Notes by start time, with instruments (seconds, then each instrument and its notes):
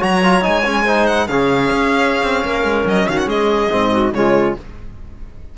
0.00 cello F#3, trombone F#4, clarinet C#5, violin A#5
0.24 trombone F4
0.42 cello G#3, trombone D#4, violin G#5
0.65 trombone C#4
0.85 trombone D#4, clarinet C5
1.07 violin F#5
1.28 cello C#3, trombone C#4, clarinet G#4, violin F5
1.71 cello C#4
2.24 cello C4
2.45 cello A#3, clarinet A#4
2.64 cello G#3
2.86 cello F#3, violin D#5
3.08 cello D#3, clarinet F#4, violin F5
3.18 violin F#5
3.27 cello G#3, clarinet G#4, violin D#5
3.70 cello G#2, trombone C4
3.92 clarinet F#4
4.14 cello C#3, trombone G#3, clarinet F4, violin C#5